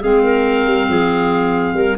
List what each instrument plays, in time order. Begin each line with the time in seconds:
0.00 tuba G#3, clarinet C4 G#4, oboe F5
0.23 clarinet A#4
0.67 tuba G3
0.88 tuba F3, clarinet G#4
1.74 tuba G3, clarinet A#4